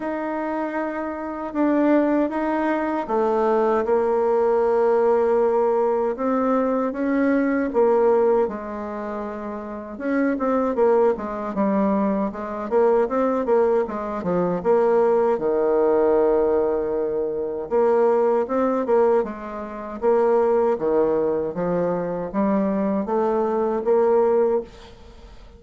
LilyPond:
\new Staff \with { instrumentName = "bassoon" } { \time 4/4 \tempo 4 = 78 dis'2 d'4 dis'4 | a4 ais2. | c'4 cis'4 ais4 gis4~ | gis4 cis'8 c'8 ais8 gis8 g4 |
gis8 ais8 c'8 ais8 gis8 f8 ais4 | dis2. ais4 | c'8 ais8 gis4 ais4 dis4 | f4 g4 a4 ais4 | }